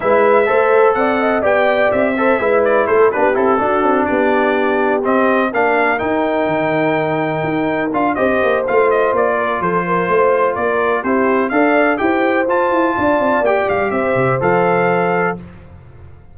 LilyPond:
<<
  \new Staff \with { instrumentName = "trumpet" } { \time 4/4 \tempo 4 = 125 e''2 fis''4 g''4 | e''4. d''8 c''8 b'8 a'4~ | a'8 d''2 dis''4 f''8~ | f''8 g''2.~ g''8~ |
g''8 f''8 dis''4 f''8 dis''8 d''4 | c''2 d''4 c''4 | f''4 g''4 a''2 | g''8 f''8 e''4 f''2 | }
  \new Staff \with { instrumentName = "horn" } { \time 4/4 b'4 c''4 d''8 dis''8 d''4~ | d''8 c''8 b'4 a'8 g'4 fis'8~ | fis'8 g'2. ais'8~ | ais'1~ |
ais'4 c''2~ c''8 ais'8 | a'8 ais'8 c''4 ais'4 g'4 | d''4 c''2 d''4~ | d''4 c''2. | }
  \new Staff \with { instrumentName = "trombone" } { \time 4/4 e'4 a'2 g'4~ | g'8 a'8 e'4. d'8 e'8 d'8~ | d'2~ d'8 c'4 d'8~ | d'8 dis'2.~ dis'8~ |
dis'8 f'8 g'4 f'2~ | f'2. e'4 | a'4 g'4 f'2 | g'2 a'2 | }
  \new Staff \with { instrumentName = "tuba" } { \time 4/4 gis4 a4 c'4 b4 | c'4 gis4 a8 b8 c'8 d'8 | c'8 b2 c'4 ais8~ | ais8 dis'4 dis2 dis'8~ |
dis'8 d'8 c'8 ais8 a4 ais4 | f4 a4 ais4 c'4 | d'4 e'4 f'8 e'8 d'8 c'8 | ais8 g8 c'8 c8 f2 | }
>>